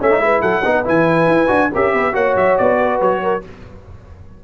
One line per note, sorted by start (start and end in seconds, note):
0.00 0.19 A3
0.00 0.10 C#4
0.00 0.22 C#5
0.00 0.42 E5
0.10 0.21 D#4
0.19 0.40 G#3
0.19 0.63 E4
0.19 0.42 B4
0.42 0.64 F#3
0.42 0.63 A4
0.42 0.84 F#5
0.63 0.87 B3
0.63 0.84 D#4
0.63 1.71 B4
0.84 1.28 E3
0.84 1.48 E4
0.84 1.74 G#5
1.28 1.49 E4
1.48 1.71 D4
1.48 1.69 F#4
1.72 1.93 C#4
1.72 2.13 G4
1.72 1.93 A#4
1.72 2.15 E5
1.93 2.14 B3
1.93 2.14 B4
2.13 2.36 A#3
2.13 3.42 F#4
2.13 2.78 C#5
2.13 2.37 F#5
2.36 2.57 F#3
2.36 2.58 E5
2.58 3.01 B3
2.58 3.01 D5
2.80 3.22 B4
3.01 3.44 F#3
3.01 3.45 C#5
3.22 3.44 A#4